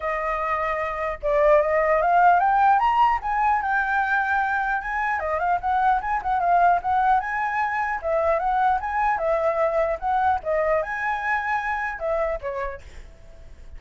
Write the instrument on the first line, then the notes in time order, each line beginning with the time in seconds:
flute
0.00 D#5
1.22 D5
1.61 D#5
2.01 F5
2.39 G5
2.79 A#5
3.22 G#5
3.61 G5
4.81 G#5
5.19 D#5
5.39 F5
5.61 F#5
6.01 G#5
6.22 F#5
6.40 F5
6.81 F#5
7.19 G#5
8.01 E5
8.39 F#5
8.80 G#5
9.17 E5
9.99 F#5
10.43 D#5
10.82 G#5
11.99 E5
12.41 C#5